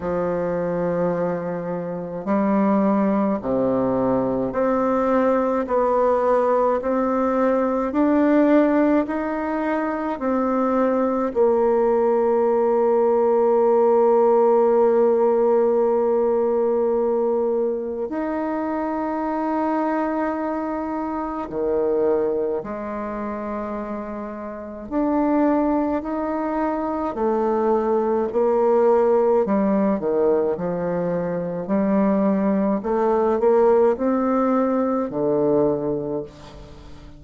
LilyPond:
\new Staff \with { instrumentName = "bassoon" } { \time 4/4 \tempo 4 = 53 f2 g4 c4 | c'4 b4 c'4 d'4 | dis'4 c'4 ais2~ | ais1 |
dis'2. dis4 | gis2 d'4 dis'4 | a4 ais4 g8 dis8 f4 | g4 a8 ais8 c'4 d4 | }